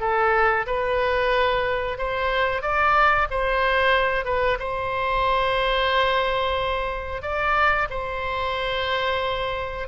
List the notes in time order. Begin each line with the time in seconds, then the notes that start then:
0.00 A4
0.66 B4
1.98 C5
2.62 D5
3.30 C5
4.25 B4
4.59 C5
7.22 D5
7.90 C5